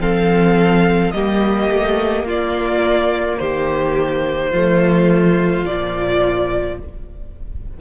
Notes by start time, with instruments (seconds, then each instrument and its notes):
0.00 cello F3, viola C4, violin A4 F5
1.12 cello G3, viola A#3, violin G4 D#5
1.70 cello A3
2.24 cello A#3, violin F4 D5
3.39 cello D#3, violin G4 C5
4.51 cello F3, viola A3, violin F4
5.66 cello A#2, viola F3, violin D5